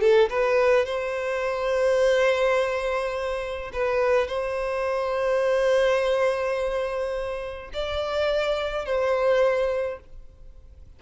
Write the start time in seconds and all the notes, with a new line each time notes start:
0.00 A4
0.29 B4
0.85 C5
3.72 B4
4.27 C5
7.73 D5
8.85 C5